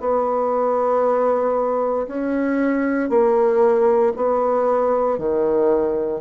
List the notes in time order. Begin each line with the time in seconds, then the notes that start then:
0.00 B3
2.07 C#4
3.09 A#3
4.16 B3
5.18 D#3